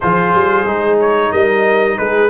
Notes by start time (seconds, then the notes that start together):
0.00 F3 F4 G#4 C5
0.34 G3
0.65 G#3 D#4
0.99 C#5
1.31 G3 A#4 D#5
1.98 G#3 G#4 B4